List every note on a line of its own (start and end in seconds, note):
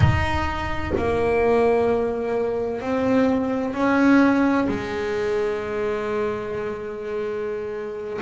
0.00 0.92 D#4
0.96 2.80 A#3
2.80 3.74 C4
3.74 4.67 C#4
4.68 8.20 G#3